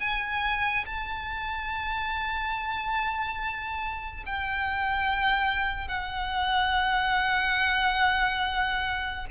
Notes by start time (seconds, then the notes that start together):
0.00 G#5
0.86 A5
4.26 G5
5.88 F#5